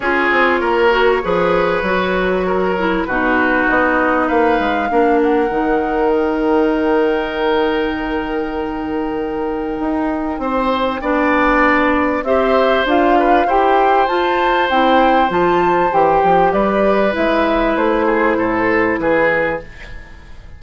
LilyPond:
<<
  \new Staff \with { instrumentName = "flute" } { \time 4/4 \tempo 4 = 98 cis''1~ | cis''4 b'4 dis''4 f''4~ | f''8 fis''4. g''2~ | g''1~ |
g''1 | e''4 f''4 g''4 a''4 | g''4 a''4 g''4 d''4 | e''4 c''2 b'4 | }
  \new Staff \with { instrumentName = "oboe" } { \time 4/4 gis'4 ais'4 b'2 | ais'4 fis'2 b'4 | ais'1~ | ais'1~ |
ais'4 c''4 d''2 | c''4. b'8 c''2~ | c''2. b'4~ | b'4. gis'8 a'4 gis'4 | }
  \new Staff \with { instrumentName = "clarinet" } { \time 4/4 f'4. fis'8 gis'4 fis'4~ | fis'8 e'8 dis'2. | d'4 dis'2.~ | dis'1~ |
dis'2 d'2 | g'4 f'4 g'4 f'4 | e'4 f'4 g'2 | e'1 | }
  \new Staff \with { instrumentName = "bassoon" } { \time 4/4 cis'8 c'8 ais4 f4 fis4~ | fis4 b,4 b4 ais8 gis8 | ais4 dis2.~ | dis1 |
dis'4 c'4 b2 | c'4 d'4 e'4 f'4 | c'4 f4 e8 f8 g4 | gis4 a4 a,4 e4 | }
>>